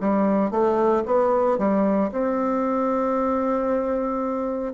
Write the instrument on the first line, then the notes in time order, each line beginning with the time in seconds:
bassoon
0.00 G3
0.51 A3
1.05 B3
1.58 G3
2.11 C4